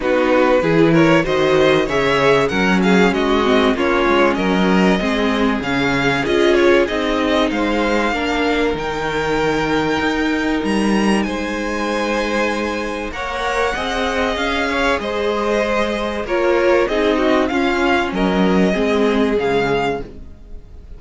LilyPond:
<<
  \new Staff \with { instrumentName = "violin" } { \time 4/4 \tempo 4 = 96 b'4. cis''8 dis''4 e''4 | fis''8 f''8 dis''4 cis''4 dis''4~ | dis''4 f''4 dis''8 cis''8 dis''4 | f''2 g''2~ |
g''4 ais''4 gis''2~ | gis''4 fis''2 f''4 | dis''2 cis''4 dis''4 | f''4 dis''2 f''4 | }
  \new Staff \with { instrumentName = "violin" } { \time 4/4 fis'4 gis'8 ais'8 c''4 cis''4 | ais'8 gis'8 fis'4 f'4 ais'4 | gis'1 | c''4 ais'2.~ |
ais'2 c''2~ | c''4 cis''4 dis''4. cis''8 | c''2 ais'4 gis'8 fis'8 | f'4 ais'4 gis'2 | }
  \new Staff \with { instrumentName = "viola" } { \time 4/4 dis'4 e'4 fis'4 gis'4 | cis'4. c'8 cis'2 | c'4 cis'4 f'4 dis'4~ | dis'4 d'4 dis'2~ |
dis'1~ | dis'4 ais'4 gis'2~ | gis'2 f'4 dis'4 | cis'2 c'4 gis4 | }
  \new Staff \with { instrumentName = "cello" } { \time 4/4 b4 e4 dis4 cis4 | fis4 gis4 ais8 gis8 fis4 | gis4 cis4 cis'4 c'4 | gis4 ais4 dis2 |
dis'4 g4 gis2~ | gis4 ais4 c'4 cis'4 | gis2 ais4 c'4 | cis'4 fis4 gis4 cis4 | }
>>